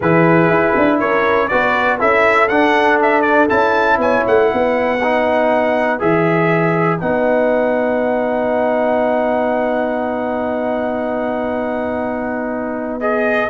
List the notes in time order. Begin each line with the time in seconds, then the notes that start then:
0.00 E3 E4 G#4 B4
0.49 E4
0.77 D4
0.99 C#4 A#4 C#5
1.48 B3 F#4 B4 D5
1.98 C#4 E4 A4 E5
2.48 D4 F#5
3.02 E5
3.21 D5
3.49 C#4 E4 A5
3.97 B3 C#5 G#5
4.27 A3 F#5
4.48 B3 B4
5.03 D#4
5.99 E3 G#4 E5
6.99 B3 D#4 F#5
13.00 G#4 D#5